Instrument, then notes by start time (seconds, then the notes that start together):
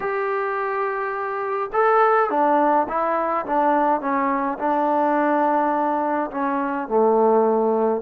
trombone
0.00 G4
1.72 A4
2.29 D4
2.88 E4
3.46 D4
4.01 C#4
4.58 D4
6.31 C#4
6.88 A3